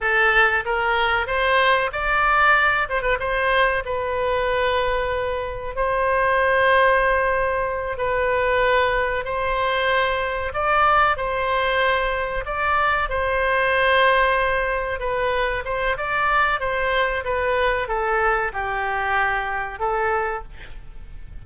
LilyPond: \new Staff \with { instrumentName = "oboe" } { \time 4/4 \tempo 4 = 94 a'4 ais'4 c''4 d''4~ | d''8 c''16 b'16 c''4 b'2~ | b'4 c''2.~ | c''8 b'2 c''4.~ |
c''8 d''4 c''2 d''8~ | d''8 c''2. b'8~ | b'8 c''8 d''4 c''4 b'4 | a'4 g'2 a'4 | }